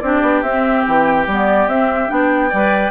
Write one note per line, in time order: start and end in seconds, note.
0.00 0.22 C4
0.00 0.45 D4
0.00 2.49 G4
0.00 0.42 D5
0.22 0.43 B3
0.42 0.85 C4
0.42 1.30 C4
0.42 0.84 E5
0.84 1.27 E3
0.84 1.26 G5
1.27 1.67 G3
1.27 1.70 B3
1.27 1.69 D5
1.67 2.09 C4
1.67 2.08 C4
1.67 2.10 E5
2.08 2.53 B3
2.08 2.50 D4
2.08 2.91 G5
2.49 2.91 G3
2.49 2.91 D5
2.55 2.91 B4